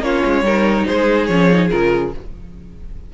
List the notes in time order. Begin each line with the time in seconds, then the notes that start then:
0.00 A#3 C#4 F4 C#5
0.25 G#3
0.42 G3 D#4 A#4
0.86 G#3 G#4 C5
1.25 F3 C#4 C#5
1.51 D#4
1.69 C#3 F4 A#4